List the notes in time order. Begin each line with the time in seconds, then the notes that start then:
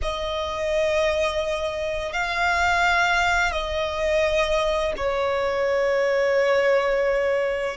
0.02 D#5
2.12 F5
3.51 D#5
4.96 C#5